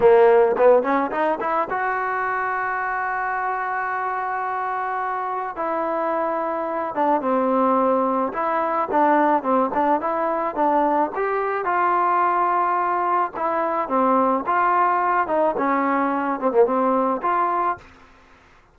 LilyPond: \new Staff \with { instrumentName = "trombone" } { \time 4/4 \tempo 4 = 108 ais4 b8 cis'8 dis'8 e'8 fis'4~ | fis'1~ | fis'2 e'2~ | e'8 d'8 c'2 e'4 |
d'4 c'8 d'8 e'4 d'4 | g'4 f'2. | e'4 c'4 f'4. dis'8 | cis'4. c'16 ais16 c'4 f'4 | }